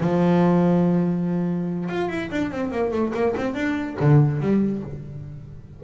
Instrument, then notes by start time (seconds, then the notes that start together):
double bass
0.00 F3
1.89 F4
2.09 E4
2.31 D4
2.51 C4
2.71 A#3
2.91 A3
3.14 A#3
3.36 C4
3.54 D4
4.00 D3
4.41 G3